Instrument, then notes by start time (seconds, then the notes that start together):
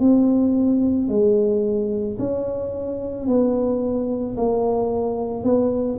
tuba
0.00 C4
1.09 G#3
2.19 C#4
3.28 B3
4.37 A#3
5.44 B3